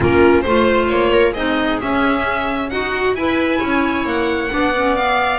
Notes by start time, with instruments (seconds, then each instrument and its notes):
0.00 double bass A#3, clarinet C#4, viola F4, violin A#4
0.41 double bass A3, clarinet F4, violin C5, viola C5
0.88 double bass A#3, violin C#5
1.12 viola A#4
1.31 double bass C4, clarinet D#4, viola G#4, violin D#5
1.81 double bass C#4, clarinet C#4, violin E5
2.69 double bass D#4, clarinet F#4, viola F#4, violin F#5
3.14 double bass E4, clarinet E4, viola B4, violin G#5
3.59 double bass C#4, viola C#5
4.05 double bass A#3, violin F#5
4.49 double bass B3, clarinet D4, viola D5
4.76 clarinet C#4
4.95 clarinet B3, violin F5